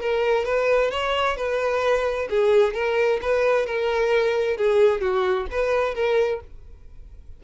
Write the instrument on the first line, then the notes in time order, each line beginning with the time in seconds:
violin
0.00 A#4
0.45 B4
0.91 C#5
1.36 B4
2.29 G#4
2.74 A#4
3.21 B4
3.66 A#4
4.57 G#4
5.01 F#4
5.51 B4
5.94 A#4